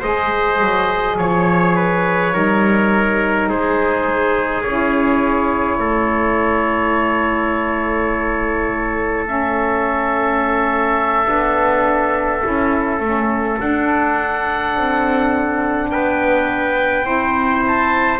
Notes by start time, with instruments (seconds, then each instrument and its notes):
0.00 double bass G#3, saxophone G#4, trumpet C5, oboe D#5
0.61 double bass F#3
1.18 double bass F3, oboe C#5, trumpet C#5
1.76 trumpet B4
2.32 double bass G3, saxophone D#4, trumpet A#4
3.49 double bass G#3, trumpet G#4, oboe C5
4.62 double bass C#4, saxophone E4, oboe C#5
5.79 double bass A3, trumpet A4
9.26 saxophone C#4, oboe E5
11.24 double bass B3, saxophone D4
12.41 double bass C#4, saxophone E4
13.00 double bass A3, saxophone C#4
13.57 saxophone D4, double bass D4, oboe F#5
14.77 double bass C4
15.90 double bass B3, trumpet B4, oboe G5
17.03 double bass C4, saxophone E4, trumpet C5
17.67 oboe A5